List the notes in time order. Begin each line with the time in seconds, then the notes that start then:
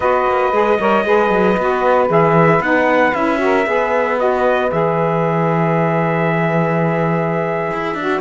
0.00 B3 F#4 B4 D#5
0.27 A#3
0.52 G#3 G#4
0.78 G3 A#4 C#5
1.04 G#3 G#4 B4
1.30 F#3
1.57 B3 F#4
2.08 E3 G#4 E5
2.60 B3 D#4 F#5
3.14 C#4 E4 E5
3.38 F#4 A#4
3.65 B3 G#4 B4
4.17 F#4 D#5
4.71 E3 G#4 E5
7.72 E4
7.94 D4 F#4